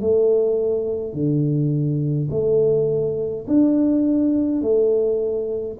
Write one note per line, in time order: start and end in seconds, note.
0.00 1.13 A3
1.13 2.28 D3
2.30 3.46 A3
3.47 4.62 D4
4.62 5.77 A3